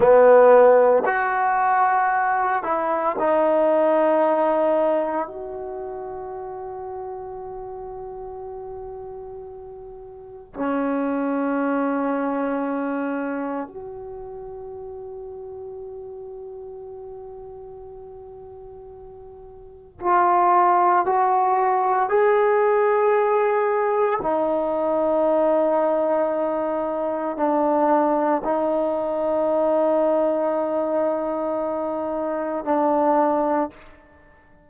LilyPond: \new Staff \with { instrumentName = "trombone" } { \time 4/4 \tempo 4 = 57 b4 fis'4. e'8 dis'4~ | dis'4 fis'2.~ | fis'2 cis'2~ | cis'4 fis'2.~ |
fis'2. f'4 | fis'4 gis'2 dis'4~ | dis'2 d'4 dis'4~ | dis'2. d'4 | }